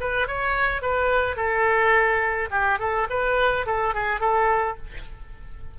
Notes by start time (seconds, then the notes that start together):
0.00 B4
0.27 C#5
0.82 B4
1.36 A4
2.50 G4
2.79 A4
3.09 B4
3.66 A4
3.94 G#4
4.20 A4